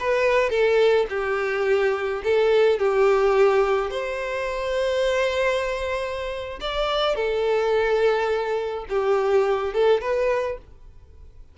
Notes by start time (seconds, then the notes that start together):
0.00 B4
0.50 A4
1.10 G4
2.24 A4
2.79 G4
3.91 C5
6.61 D5
7.16 A4
8.89 G4
9.74 A4
10.01 B4